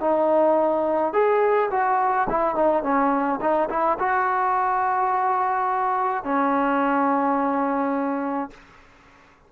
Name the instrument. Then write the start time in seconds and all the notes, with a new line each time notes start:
trombone
0.00 D#4
1.13 G#4
1.70 F#4
2.29 E4
2.55 D#4
2.83 C#4
3.40 D#4
3.69 E4
3.99 F#4
6.24 C#4